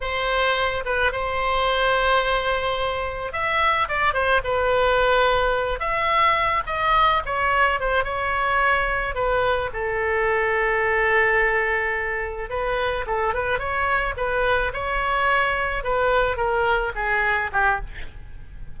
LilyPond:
\new Staff \with { instrumentName = "oboe" } { \time 4/4 \tempo 4 = 108 c''4. b'8 c''2~ | c''2 e''4 d''8 c''8 | b'2~ b'8 e''4. | dis''4 cis''4 c''8 cis''4.~ |
cis''8 b'4 a'2~ a'8~ | a'2~ a'8 b'4 a'8 | b'8 cis''4 b'4 cis''4.~ | cis''8 b'4 ais'4 gis'4 g'8 | }